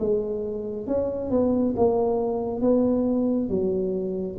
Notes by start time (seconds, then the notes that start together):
0.00 G#3
0.87 C#4
1.31 B3
1.77 A#3
2.61 B3
3.49 F#3